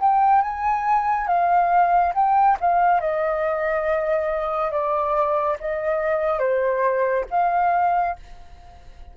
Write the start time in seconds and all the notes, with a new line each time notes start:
0.00 G5
0.41 G#5
1.27 F5
2.14 G5
2.60 F5
3.00 D#5
4.71 D5
5.60 D#5
6.39 C5
7.30 F5